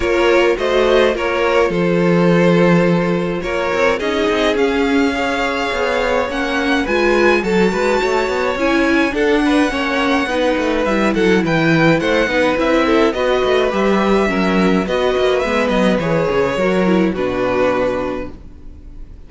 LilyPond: <<
  \new Staff \with { instrumentName = "violin" } { \time 4/4 \tempo 4 = 105 cis''4 dis''4 cis''4 c''4~ | c''2 cis''4 dis''4 | f''2. fis''4 | gis''4 a''2 gis''4 |
fis''2. e''8 fis''8 | g''4 fis''4 e''4 dis''4 | e''2 dis''4 e''8 dis''8 | cis''2 b'2 | }
  \new Staff \with { instrumentName = "violin" } { \time 4/4 ais'4 c''4 ais'4 a'4~ | a'2 ais'4 gis'4~ | gis'4 cis''2. | b'4 a'8 b'8 cis''2 |
a'8 b'8 cis''4 b'4. a'8 | b'4 c''8 b'4 a'8 b'4~ | b'4 ais'4 b'2~ | b'4 ais'4 fis'2 | }
  \new Staff \with { instrumentName = "viola" } { \time 4/4 f'4 fis'4 f'2~ | f'2. dis'4 | cis'4 gis'2 cis'4 | f'4 fis'2 e'4 |
d'4 cis'4 dis'4 e'4~ | e'4. dis'8 e'4 fis'4 | g'4 cis'4 fis'4 b4 | gis'4 fis'8 e'8 d'2 | }
  \new Staff \with { instrumentName = "cello" } { \time 4/4 ais4 a4 ais4 f4~ | f2 ais8 c'8 cis'8 c'8 | cis'2 b4 ais4 | gis4 fis8 gis8 a8 b8 cis'4 |
d'4 ais4 b8 a8 g8 fis8 | e4 a8 b8 c'4 b8 a8 | g4 fis4 b8 ais8 gis8 fis8 | e8 cis8 fis4 b,2 | }
>>